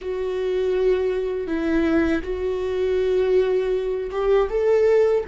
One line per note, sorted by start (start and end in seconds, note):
0.01 1.47 F#4
1.47 2.22 E4
2.22 4.10 F#4
4.10 4.48 G4
4.49 5.24 A4